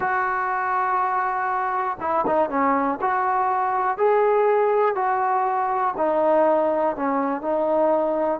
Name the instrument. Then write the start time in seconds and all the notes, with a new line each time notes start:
trombone
0.00 F#4
2.00 E4
2.26 D#4
2.49 C#4
3.01 F#4
3.97 G#4
4.95 F#4
5.97 D#4
6.96 C#4
7.41 D#4